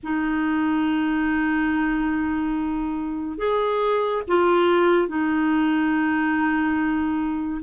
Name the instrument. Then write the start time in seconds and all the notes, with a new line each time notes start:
clarinet
0.03 D#4
3.38 G#4
4.27 F4
5.08 D#4